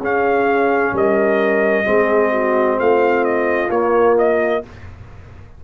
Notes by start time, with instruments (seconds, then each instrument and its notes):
0.00 tuba C#4, trombone C#4, horn G#4, trumpet F5
0.93 tuba G3, horn A#4, trumpet D#5
1.85 tuba G#3, trombone C4, horn G#4
2.32 horn F#4
2.79 tuba A3, horn F4, trumpet F5
3.24 trumpet D#5
3.70 tuba A#3, trombone A#3, trumpet C#5
4.18 trumpet D#5